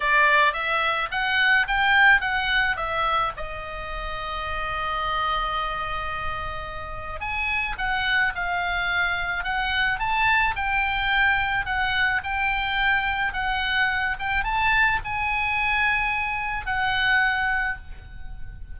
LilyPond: \new Staff \with { instrumentName = "oboe" } { \time 4/4 \tempo 4 = 108 d''4 e''4 fis''4 g''4 | fis''4 e''4 dis''2~ | dis''1~ | dis''4 gis''4 fis''4 f''4~ |
f''4 fis''4 a''4 g''4~ | g''4 fis''4 g''2 | fis''4. g''8 a''4 gis''4~ | gis''2 fis''2 | }